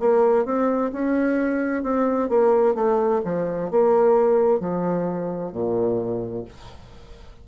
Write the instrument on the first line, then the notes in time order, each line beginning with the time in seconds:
bassoon
0.00 A#3
0.45 C4
0.93 C#4
1.83 C4
2.29 A#3
2.75 A3
3.25 F3
3.70 A#3
4.60 F3
5.53 A#2